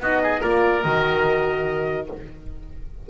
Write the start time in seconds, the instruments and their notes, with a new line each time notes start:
0.00 double bass B3, horn D#4, oboe F#4, trumpet D#5
0.23 oboe G#4
0.40 double bass A#3, horn F4, oboe A#4, trumpet D5
0.83 double bass D#3, horn F#4, trumpet D#5